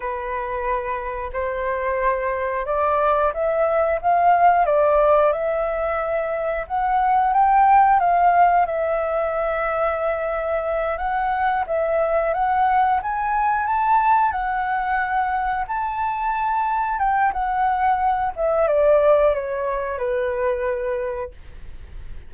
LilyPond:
\new Staff \with { instrumentName = "flute" } { \time 4/4 \tempo 4 = 90 b'2 c''2 | d''4 e''4 f''4 d''4 | e''2 fis''4 g''4 | f''4 e''2.~ |
e''8 fis''4 e''4 fis''4 gis''8~ | gis''8 a''4 fis''2 a''8~ | a''4. g''8 fis''4. e''8 | d''4 cis''4 b'2 | }